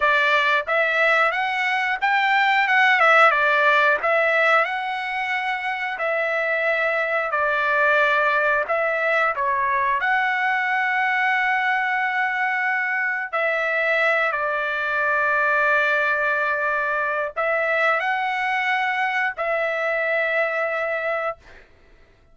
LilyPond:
\new Staff \with { instrumentName = "trumpet" } { \time 4/4 \tempo 4 = 90 d''4 e''4 fis''4 g''4 | fis''8 e''8 d''4 e''4 fis''4~ | fis''4 e''2 d''4~ | d''4 e''4 cis''4 fis''4~ |
fis''1 | e''4. d''2~ d''8~ | d''2 e''4 fis''4~ | fis''4 e''2. | }